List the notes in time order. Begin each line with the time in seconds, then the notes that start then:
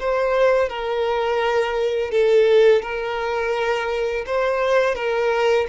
0.00 C5
0.69 A#4
2.11 A4
2.82 A#4
4.26 C5
4.95 A#4